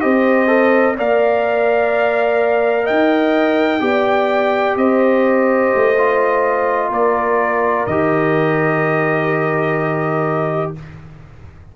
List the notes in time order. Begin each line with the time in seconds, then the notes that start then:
0.00 C4 G4 C5 D#5
0.47 A4
0.96 A#3 A#4 D5 F5
2.85 D#4 D#5 G5
3.80 B3 G4 D5
4.76 C4 C5 D#5
5.74 A3
5.97 F4
6.89 A#3 A#4 D5
7.86 D#3 G4 D#5